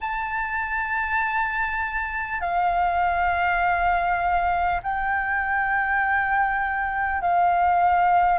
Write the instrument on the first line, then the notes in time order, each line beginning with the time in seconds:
flute
0.00 A5
2.40 F5
4.83 G5
7.21 F5